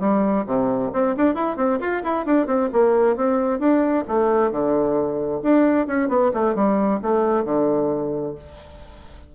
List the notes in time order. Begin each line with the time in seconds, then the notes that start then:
0.00 G3
0.46 C3
0.93 C4
1.17 D4
1.35 E4
1.57 C4
1.80 F4
2.04 E4
2.26 D4
2.47 C4
2.73 A#3
3.16 C4
3.59 D4
4.08 A3
4.52 D3
5.43 D4
5.87 C#4
6.09 B3
6.34 A3
6.55 G3
7.02 A3
7.45 D3